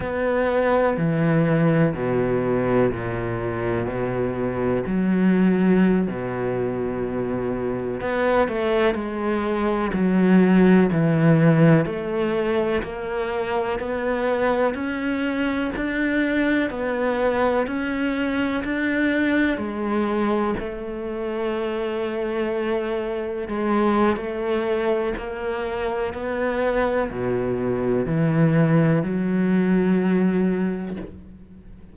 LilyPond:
\new Staff \with { instrumentName = "cello" } { \time 4/4 \tempo 4 = 62 b4 e4 b,4 ais,4 | b,4 fis4~ fis16 b,4.~ b,16~ | b,16 b8 a8 gis4 fis4 e8.~ | e16 a4 ais4 b4 cis'8.~ |
cis'16 d'4 b4 cis'4 d'8.~ | d'16 gis4 a2~ a8.~ | a16 gis8. a4 ais4 b4 | b,4 e4 fis2 | }